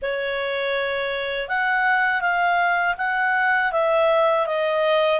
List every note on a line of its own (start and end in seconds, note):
0.02 1.48 C#5
1.48 2.21 F#5
2.21 2.95 F5
2.97 3.71 F#5
3.72 4.46 E5
4.46 5.20 D#5